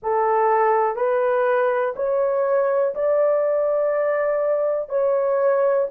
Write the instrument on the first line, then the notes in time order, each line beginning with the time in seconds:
horn
0.02 A4
0.96 B4
1.96 C#5
2.95 D5
4.89 C#5